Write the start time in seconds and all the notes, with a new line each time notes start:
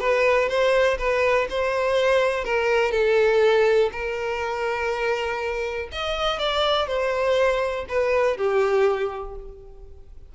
0.00 B4
0.49 C5
0.99 B4
1.50 C5
2.45 A#4
2.92 A4
3.93 A#4
5.93 D#5
6.39 D5
6.88 C5
7.89 B4
8.38 G4